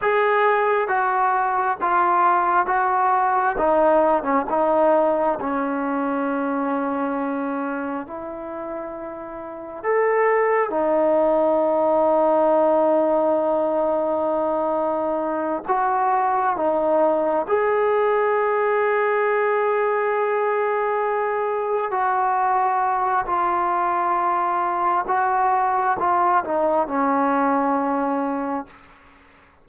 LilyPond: \new Staff \with { instrumentName = "trombone" } { \time 4/4 \tempo 4 = 67 gis'4 fis'4 f'4 fis'4 | dis'8. cis'16 dis'4 cis'2~ | cis'4 e'2 a'4 | dis'1~ |
dis'4. fis'4 dis'4 gis'8~ | gis'1~ | gis'8 fis'4. f'2 | fis'4 f'8 dis'8 cis'2 | }